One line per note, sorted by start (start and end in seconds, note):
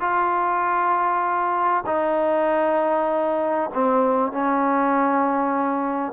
0.00 1.84 F4
1.86 3.70 D#4
3.74 4.32 C4
4.32 6.12 C#4